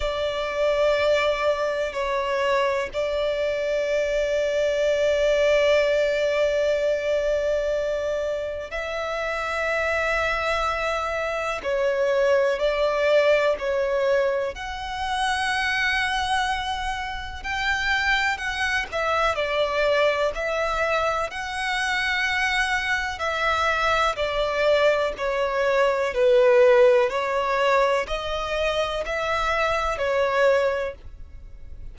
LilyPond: \new Staff \with { instrumentName = "violin" } { \time 4/4 \tempo 4 = 62 d''2 cis''4 d''4~ | d''1~ | d''4 e''2. | cis''4 d''4 cis''4 fis''4~ |
fis''2 g''4 fis''8 e''8 | d''4 e''4 fis''2 | e''4 d''4 cis''4 b'4 | cis''4 dis''4 e''4 cis''4 | }